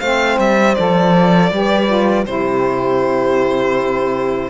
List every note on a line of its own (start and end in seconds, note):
0.00 0.38 A3
0.00 0.76 C4
0.00 1.50 C5
0.00 0.38 F5
0.38 0.76 G3
0.38 0.74 E5
0.74 1.51 F3
0.74 1.51 A4
0.74 2.24 D5
1.51 2.26 G3
1.51 1.86 G4
1.51 2.27 B4
1.86 2.24 F4
2.25 4.50 C3
2.25 4.50 E4
2.25 4.50 G4
2.25 4.50 C5